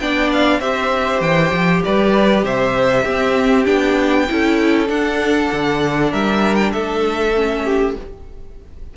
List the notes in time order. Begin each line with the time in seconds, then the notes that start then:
0.00 B3 D4 D5 G5
0.32 F5
0.59 C4 G4 C5 E5
1.20 E3 G5
1.51 F3
1.84 G3 B4 D5
2.43 C3 C5 E5
3.03 C4 G4
3.65 B3 D4 G5
4.29 C#4 E4 A4
4.86 D4 F#5
5.52 D3
6.11 G3 A#4 E5
6.55 G5
6.72 A3 A4 E5
7.35 C#4
7.64 G4